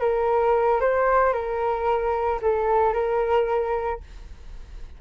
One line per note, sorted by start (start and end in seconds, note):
0.00 0.80 A#4
0.80 1.32 C5
1.32 2.40 A#4
2.42 2.93 A4
2.93 4.00 A#4